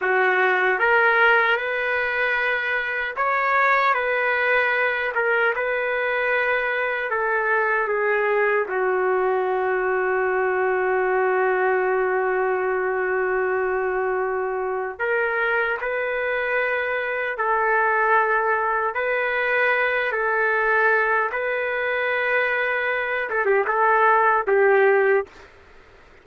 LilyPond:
\new Staff \with { instrumentName = "trumpet" } { \time 4/4 \tempo 4 = 76 fis'4 ais'4 b'2 | cis''4 b'4. ais'8 b'4~ | b'4 a'4 gis'4 fis'4~ | fis'1~ |
fis'2. ais'4 | b'2 a'2 | b'4. a'4. b'4~ | b'4. a'16 g'16 a'4 g'4 | }